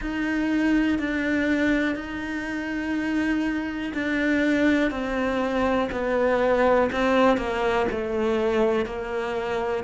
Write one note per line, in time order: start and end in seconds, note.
0.01 0.98 D#4
0.98 1.95 D4
1.95 3.92 D#4
3.93 4.90 D4
4.90 5.89 C4
5.91 6.89 B3
6.92 7.37 C4
7.37 7.86 A#3
7.91 8.85 A3
8.85 9.84 A#3